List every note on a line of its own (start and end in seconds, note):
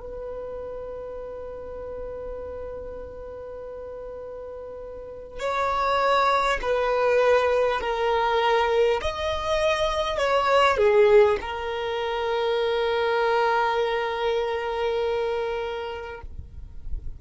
0.00 5.39 B4
5.39 6.59 C#5
6.62 7.81 B4
7.81 9.01 A#4
9.02 10.18 D#5
10.18 10.77 C#5
10.77 11.37 G#4
11.41 16.21 A#4